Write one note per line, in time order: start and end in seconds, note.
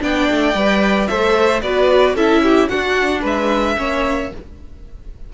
0.00 0.29 B3
0.00 0.54 D4
0.00 1.09 D5
0.00 1.07 G5
0.30 0.54 A3
0.54 1.08 G3
0.54 1.09 B4
1.07 1.62 A3
1.07 1.63 A4
1.07 1.63 C5
1.07 1.61 E5
1.62 2.14 B3
1.62 2.17 F#4
1.62 2.16 B4
1.62 2.16 D5
2.14 2.68 C#4
2.14 2.70 E4
2.14 2.42 A4
2.14 2.69 E5
2.43 2.70 G4
2.69 3.76 D4
2.69 3.23 D4
2.69 3.21 F#4
2.69 3.22 F#5
3.21 3.77 G#3
3.21 3.75 B4
3.21 4.34 E5
3.76 4.31 A#3
3.76 4.30 C#4
3.76 4.32 C#5